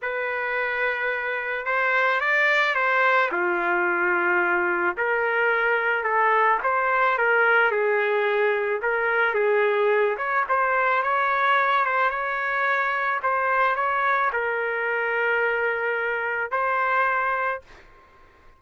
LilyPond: \new Staff \with { instrumentName = "trumpet" } { \time 4/4 \tempo 4 = 109 b'2. c''4 | d''4 c''4 f'2~ | f'4 ais'2 a'4 | c''4 ais'4 gis'2 |
ais'4 gis'4. cis''8 c''4 | cis''4. c''8 cis''2 | c''4 cis''4 ais'2~ | ais'2 c''2 | }